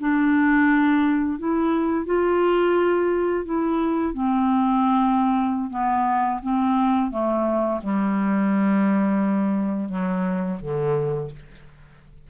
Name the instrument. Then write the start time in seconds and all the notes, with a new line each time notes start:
clarinet
0.00 D4
1.39 E4
2.06 F4
3.45 E4
4.14 C4
5.71 B3
6.43 C4
7.11 A3
7.83 G3
9.89 F#3
10.61 D3